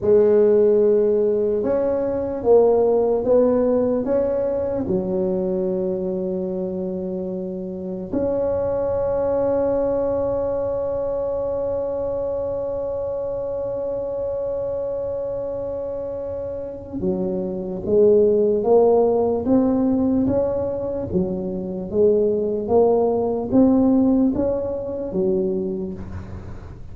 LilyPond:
\new Staff \with { instrumentName = "tuba" } { \time 4/4 \tempo 4 = 74 gis2 cis'4 ais4 | b4 cis'4 fis2~ | fis2 cis'2~ | cis'1~ |
cis'1~ | cis'4 fis4 gis4 ais4 | c'4 cis'4 fis4 gis4 | ais4 c'4 cis'4 fis4 | }